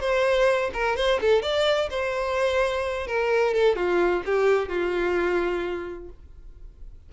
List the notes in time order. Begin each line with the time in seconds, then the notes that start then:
0.00 C5
0.73 A#4
0.96 C5
1.21 A4
1.42 D5
1.90 C5
3.07 A#4
3.54 A4
3.75 F4
4.25 G4
4.68 F4